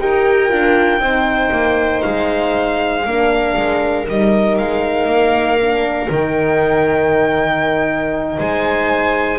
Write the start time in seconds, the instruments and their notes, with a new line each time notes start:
0.00 double bass D#4, horn G4, viola A#4, violin G5
0.49 double bass D4, horn F4
1.00 double bass C4, horn D#4, viola C5
1.51 double bass A#3
2.02 double bass G#3, violin F5
3.06 double bass A#3, horn D4, viola A#4
3.57 double bass G#3
4.07 double bass G3, horn D#4, violin D#5
4.58 double bass G#3, violin F5
5.06 double bass A#3
5.61 horn D4
6.10 double bass D#3, horn D#4, violin G5
8.38 double bass G#3, viola C5, violin G#5